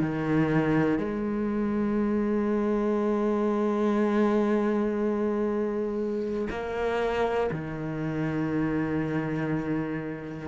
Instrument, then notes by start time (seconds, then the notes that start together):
cello
0.00 D#3
0.98 G#3
6.50 A#3
7.50 D#3